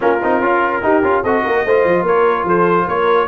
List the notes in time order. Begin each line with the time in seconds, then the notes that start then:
0.00 A#3 C#4 F4 A#4
0.22 C4 D#4
0.40 C#4 F4
0.82 D#4 G4
1.02 C#4 F4
1.23 C4 F#4 A4 D#5
1.43 A#3 A#4
1.65 A3 F4 C5
1.84 F3
2.02 A#3 A#4 C#5
2.44 F3 A4 C5
2.86 A#3 A#4 C#5